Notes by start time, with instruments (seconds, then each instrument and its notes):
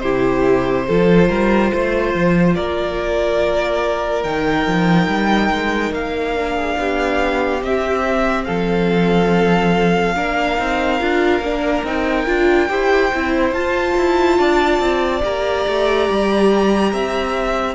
0.00 cello C3, viola E4, violin G4 C5
0.87 cello F3, viola F4, violin A4
1.29 cello G3, violin A#4
1.71 cello A3, violin C5
2.14 cello F3
2.55 cello A#3, violin A#4 D5
4.23 cello D#3, viola D#4, violin G5
4.67 cello F3
5.07 cello G3
5.51 cello G#3
5.92 cello A#3, violin F5
6.34 viola D4
6.54 violin G#4
6.77 cello B3, violin G4
7.62 cello C4, viola C4, violin E5
8.44 cello F3, violin A4 F5
10.15 cello A#3, viola D4, violin A#4
10.57 cello C4, viola D#4
11.00 cello D4, viola F4
11.40 cello A#3, viola D4
11.83 cello C4, viola D#4, violin G5
12.26 cello D4, viola F4
12.69 cello E4, viola G4, violin C5
13.13 cello C4, viola E4
13.51 cello F4, viola F4, violin A5
13.97 cello E4
14.38 cello D4, violin D5
14.79 cello C4
15.21 cello A#3, viola G4, violin A#5
15.67 cello A3
16.10 cello G3
16.93 cello C4, violin E5